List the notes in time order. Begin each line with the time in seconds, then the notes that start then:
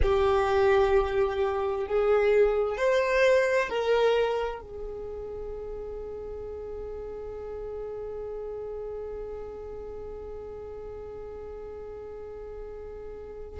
0.02 G4
1.87 G#4
2.77 C5
3.69 A#4
4.61 G#4